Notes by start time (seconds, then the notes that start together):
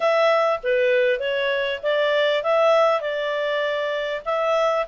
0.00 E5
0.63 B4
1.19 C#5
1.82 D5
2.43 E5
3.01 D5
4.25 E5